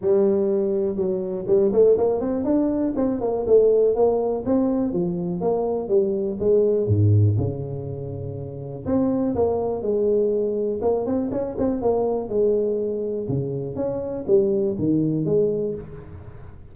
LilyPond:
\new Staff \with { instrumentName = "tuba" } { \time 4/4 \tempo 4 = 122 g2 fis4 g8 a8 | ais8 c'8 d'4 c'8 ais8 a4 | ais4 c'4 f4 ais4 | g4 gis4 gis,4 cis4~ |
cis2 c'4 ais4 | gis2 ais8 c'8 cis'8 c'8 | ais4 gis2 cis4 | cis'4 g4 dis4 gis4 | }